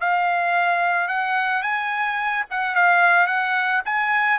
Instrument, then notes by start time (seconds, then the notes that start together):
trumpet
0.00 F5
1.08 F#5
1.62 G#5
2.50 F#5
2.75 F5
3.26 F#5
3.85 G#5